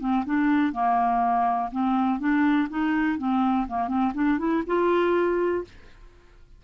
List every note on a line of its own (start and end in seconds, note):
0.00 0.24 C4
0.25 0.73 D4
0.73 1.70 A#3
1.71 2.20 C4
2.20 2.68 D4
2.69 3.18 D#4
3.18 3.67 C4
3.68 3.88 A#3
3.88 4.12 C4
4.14 4.39 D4
4.39 4.63 E4
4.67 5.64 F4